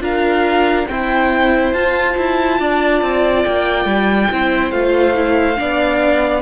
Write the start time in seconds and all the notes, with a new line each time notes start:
0.00 D4 F4 A#4 F5
0.87 C4 E4 C5 G5
1.72 F4 A5
2.17 E4
2.59 D4 D5
3.02 C4
3.44 A#3 G5
3.85 G3
4.31 C4 E4 C5
4.71 A3 F4 F5
5.15 E4
5.56 B3 D4 D5